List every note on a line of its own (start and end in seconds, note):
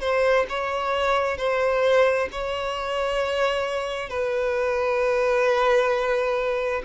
0.00 0.45 C5
0.49 1.37 C#5
1.37 2.28 C5
2.31 4.09 C#5
4.09 6.82 B4